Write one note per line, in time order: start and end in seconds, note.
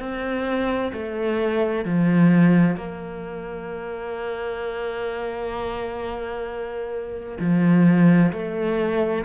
0.00 0.92 C4
0.93 1.85 A3
1.85 2.77 F3
2.77 7.38 A#3
7.40 8.32 F3
8.32 9.25 A3